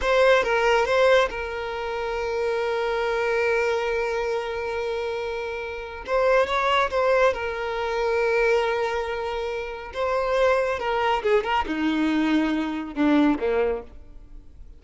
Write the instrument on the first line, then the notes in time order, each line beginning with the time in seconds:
violin
0.01 C5
0.43 A#4
0.85 C5
1.29 A#4
6.06 C5
6.46 C#5
6.90 C5
7.33 A#4
9.93 C5
10.79 A#4
11.22 G#4
11.43 A#4
11.66 D#4
12.95 D4
13.39 A#3